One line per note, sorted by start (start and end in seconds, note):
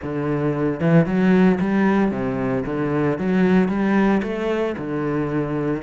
0.02 0.80 D3
0.80 1.05 E3
1.05 1.59 F#3
1.60 2.11 G3
2.11 2.64 C3
2.65 3.18 D3
3.18 3.68 F#3
3.68 4.21 G3
4.22 4.75 A3
4.77 5.82 D3